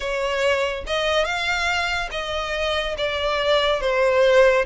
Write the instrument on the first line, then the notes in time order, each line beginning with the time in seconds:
violin
0.00 C#5
0.86 D#5
1.24 F5
2.11 D#5
2.97 D5
3.80 C5